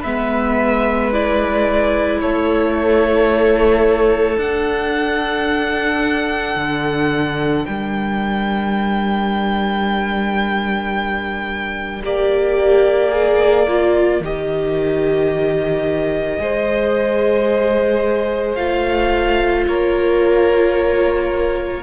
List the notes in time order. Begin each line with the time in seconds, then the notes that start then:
0.00 G#3 B3 B4 E5
1.13 E4 D5
2.21 A3 A4 C#5
4.37 D4 F#5
6.56 D3
7.66 G3 A#4 G5
12.03 A#3 G4 D5
13.12 G#4
13.68 F4
14.20 D#3 G4 D#5
16.39 G#3 G#4 C5
18.55 A3 F4 F5
19.67 A#3 A#4 C#5